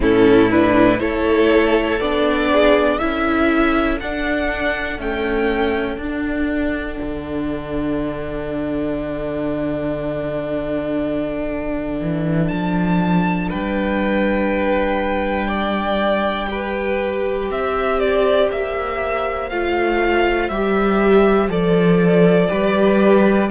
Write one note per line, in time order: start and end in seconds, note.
0.00 0.99 A2
0.00 0.49 C#4
0.00 1.00 E4
0.00 0.50 A4
0.50 0.98 D4
0.50 0.99 B4
0.98 2.00 A3
0.98 1.98 E4
0.98 2.50 A4
0.98 1.99 C#5
1.99 3.00 B3
1.99 2.99 D4
1.99 2.98 D5
2.52 2.99 G#4
2.98 4.00 C#4
2.98 3.99 E4
2.98 13.49 A4
2.98 3.98 E5
4.00 4.98 D4
4.00 5.00 F#5
4.98 5.98 A3
4.98 5.97 C#4
4.98 6.00 G5
5.97 6.97 D4
5.97 16.48 D4
5.97 12.47 F#5
7.02 12.00 D3
12.00 12.50 E3
12.47 13.52 F3
12.47 13.47 A5
13.49 17.50 G3
13.49 15.47 B4
13.49 17.50 G5
15.47 16.47 D5
16.48 19.48 G4
16.48 17.50 B4
17.50 18.50 C4
17.50 22.50 C5
17.50 17.99 E5
17.99 18.49 D5
18.51 19.50 A#3
18.51 19.49 E5
19.49 20.49 A3
19.49 20.51 F4
19.49 20.49 F5
20.49 21.48 G3
20.49 21.49 G4
20.49 21.49 E5
21.48 22.48 F3
21.48 22.49 A4
21.48 23.50 D5
22.49 23.51 G3
22.49 23.49 G4
22.49 23.50 B4